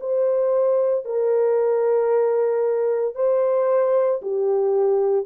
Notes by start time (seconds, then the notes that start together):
0.00 C5
1.05 A#4
3.15 C5
4.22 G4